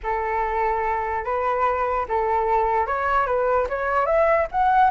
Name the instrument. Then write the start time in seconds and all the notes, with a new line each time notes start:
flute
0.03 A4
1.24 B4
2.08 A4
2.86 C#5
3.26 B4
3.69 C#5
4.06 E5
4.51 F#5